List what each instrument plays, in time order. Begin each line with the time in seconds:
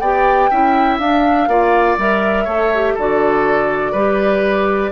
0.00 bassoon B3, clarinet G4, oboe D5, flute G5
0.51 bassoon C#4, clarinet E4, oboe E5
0.99 bassoon D4, clarinet D4, flute F5
1.48 bassoon A#3, clarinet F4, oboe D5
1.98 bassoon G3, clarinet A#4, flute E5
2.45 bassoon A3, clarinet A4, oboe C#5
2.75 clarinet G4
2.95 bassoon D3, clarinet F#4, oboe A4, flute D5
3.92 bassoon G3, clarinet G4, oboe B4